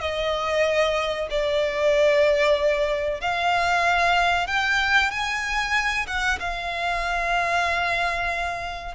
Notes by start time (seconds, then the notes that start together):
0.00 D#5
1.30 D5
3.20 F5
4.47 G5
5.10 G#5
6.07 F#5
6.39 F5